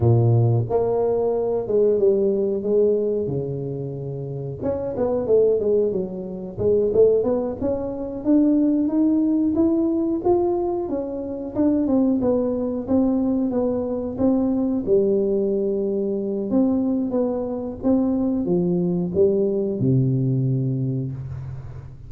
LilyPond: \new Staff \with { instrumentName = "tuba" } { \time 4/4 \tempo 4 = 91 ais,4 ais4. gis8 g4 | gis4 cis2 cis'8 b8 | a8 gis8 fis4 gis8 a8 b8 cis'8~ | cis'8 d'4 dis'4 e'4 f'8~ |
f'8 cis'4 d'8 c'8 b4 c'8~ | c'8 b4 c'4 g4.~ | g4 c'4 b4 c'4 | f4 g4 c2 | }